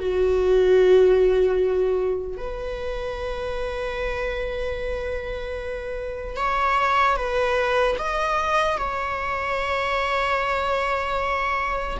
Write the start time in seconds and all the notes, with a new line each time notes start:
0.00 F#4
2.38 B4
6.37 C#5
7.17 B4
7.99 D#5
8.78 C#5